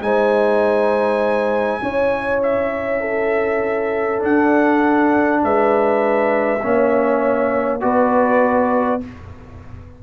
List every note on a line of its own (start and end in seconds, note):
0.00 1.80 G#3
0.00 1.81 D#4
0.00 1.82 C5
0.00 2.42 G#5
1.81 4.22 C#4
1.81 4.19 E4
1.81 3.01 C#5
2.43 4.23 E5
3.01 5.41 A4
4.19 6.59 D4
4.19 5.43 D4
4.19 5.44 F#5
5.44 6.63 G#3
5.44 6.64 B4
5.44 7.81 E5
6.63 7.83 A#3
6.63 7.81 C#4
6.63 7.83 C#5
7.81 9.03 B3
7.81 9.01 F#4
7.81 9.03 B4
7.81 9.01 D5